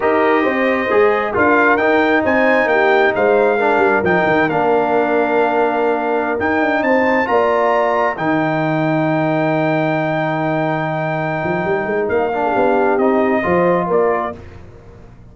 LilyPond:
<<
  \new Staff \with { instrumentName = "trumpet" } { \time 4/4 \tempo 4 = 134 dis''2. f''4 | g''4 gis''4 g''4 f''4~ | f''4 g''4 f''2~ | f''2~ f''16 g''4 a''8.~ |
a''16 ais''2 g''4.~ g''16~ | g''1~ | g''2. f''4~ | f''4 dis''2 d''4 | }
  \new Staff \with { instrumentName = "horn" } { \time 4/4 ais'4 c''2 ais'4~ | ais'4 c''4 g'4 c''4 | ais'1~ | ais'2.~ ais'16 c''8.~ |
c''16 d''2 ais'4.~ ais'16~ | ais'1~ | ais'2.~ ais'8. gis'16 | g'2 c''4 ais'4 | }
  \new Staff \with { instrumentName = "trombone" } { \time 4/4 g'2 gis'4 f'4 | dis'1 | d'4 dis'4 d'2~ | d'2~ d'16 dis'4.~ dis'16~ |
dis'16 f'2 dis'4.~ dis'16~ | dis'1~ | dis'2.~ dis'8 d'8~ | d'4 dis'4 f'2 | }
  \new Staff \with { instrumentName = "tuba" } { \time 4/4 dis'4 c'4 gis4 d'4 | dis'4 c'4 ais4 gis4~ | gis8 g8 f8 dis8 ais2~ | ais2~ ais16 dis'8 d'8 c'8.~ |
c'16 ais2 dis4.~ dis16~ | dis1~ | dis4. f8 g8 gis8 ais4 | b4 c'4 f4 ais4 | }
>>